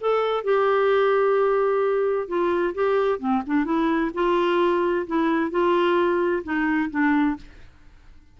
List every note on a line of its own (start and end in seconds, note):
0.00 0.44 A4
0.44 2.28 G4
2.28 2.74 F4
2.74 3.19 G4
3.19 3.42 C4
3.46 3.65 D4
3.65 4.11 E4
4.14 5.06 F4
5.06 5.50 E4
5.50 6.43 F4
6.43 6.90 D#4
6.90 7.36 D4